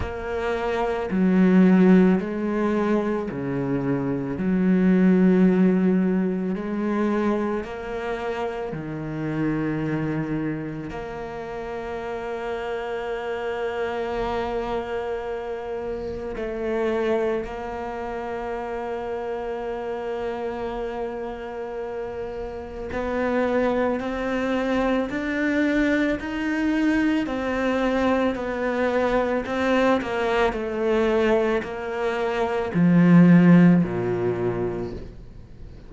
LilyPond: \new Staff \with { instrumentName = "cello" } { \time 4/4 \tempo 4 = 55 ais4 fis4 gis4 cis4 | fis2 gis4 ais4 | dis2 ais2~ | ais2. a4 |
ais1~ | ais4 b4 c'4 d'4 | dis'4 c'4 b4 c'8 ais8 | a4 ais4 f4 ais,4 | }